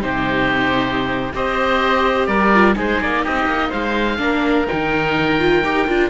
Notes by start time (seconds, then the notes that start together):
0.00 C3 D#4 G4 C5
1.34 C4 G4 C5 D#5
2.27 G3 A#4 D5
2.55 F4
2.74 G#3 D#4 G#4 C5
3.01 A#3 D5
3.24 C4 G4 D#5
3.46 A#3
3.70 G#3 C5 F5
4.18 A#3 D4 A#4
4.68 D#3 D#4 G5
5.39 F4
5.64 D#4 G4
5.88 D4 F4